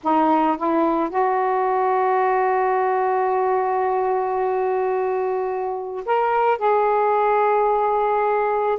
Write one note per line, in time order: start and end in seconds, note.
0.03 0.57 D#4
0.57 1.09 E4
1.09 6.05 F#4
6.05 6.58 A#4
6.58 8.78 G#4